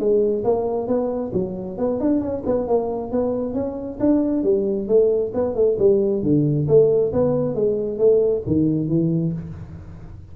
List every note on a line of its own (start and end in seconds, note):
0.00 0.44 G#3
0.45 0.88 A#3
0.88 1.32 B3
1.34 1.78 F#3
1.78 2.01 B3
2.01 2.21 D4
2.21 2.44 C#4
2.46 2.68 B3
2.68 3.12 A#3
3.12 3.55 B3
3.55 3.99 C#4
4.00 4.44 D4
4.44 4.88 G3
4.88 5.33 A3
5.35 5.56 B3
5.56 5.78 A3
5.79 6.23 G3
6.23 6.68 D3
6.68 7.13 A3
7.13 7.56 B3
7.56 7.99 G#3
7.99 8.43 A3
8.47 8.89 D#3
8.89 9.33 E3